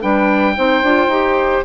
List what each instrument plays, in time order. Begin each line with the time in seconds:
0.00 bassoon G3, clarinet D4, saxophone B4, oboe G5
0.55 bassoon C4, clarinet D#4, saxophone C5
0.82 bassoon D4, clarinet F4
1.07 bassoon D#4, clarinet G4